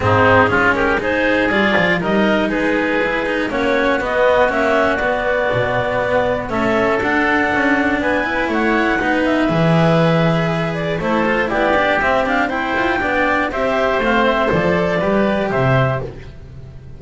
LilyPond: <<
  \new Staff \with { instrumentName = "clarinet" } { \time 4/4 \tempo 4 = 120 gis'4. ais'8 c''4 d''4 | dis''4 b'2 cis''4 | dis''4 e''4 d''2~ | d''4 e''4 fis''2 |
gis''4 fis''4. e''4.~ | e''4. d''8 c''4 d''4 | e''8 f''8 g''2 e''4 | f''8 e''8 d''2 e''4 | }
  \new Staff \with { instrumentName = "oboe" } { \time 4/4 dis'4 f'8 g'8 gis'2 | ais'4 gis'2 fis'4~ | fis'1~ | fis'4 a'2. |
b'4 cis''4 b'2~ | b'2 a'4 g'4~ | g'4 c''4 d''4 c''4~ | c''2 b'4 c''4 | }
  \new Staff \with { instrumentName = "cello" } { \time 4/4 c'4 cis'4 dis'4 f'4 | dis'2 e'8 dis'8 cis'4 | b4 cis'4 b2~ | b4 cis'4 d'2~ |
d'8 e'4. dis'4 gis'4~ | gis'2 e'8 f'8 e'8 d'8 | c'8 d'8 e'4 d'4 g'4 | c'4 a'4 g'2 | }
  \new Staff \with { instrumentName = "double bass" } { \time 4/4 gis,4 gis2 g8 f8 | g4 gis2 ais4 | b4 ais4 b4 b,4 | b4 a4 d'4 cis'4 |
b4 a4 b4 e4~ | e2 a4 b4 | c'4. f'8 b4 c'4 | a4 f4 g4 c4 | }
>>